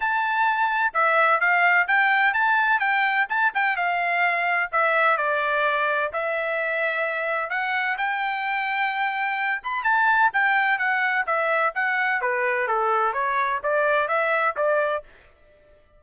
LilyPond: \new Staff \with { instrumentName = "trumpet" } { \time 4/4 \tempo 4 = 128 a''2 e''4 f''4 | g''4 a''4 g''4 a''8 g''8 | f''2 e''4 d''4~ | d''4 e''2. |
fis''4 g''2.~ | g''8 b''8 a''4 g''4 fis''4 | e''4 fis''4 b'4 a'4 | cis''4 d''4 e''4 d''4 | }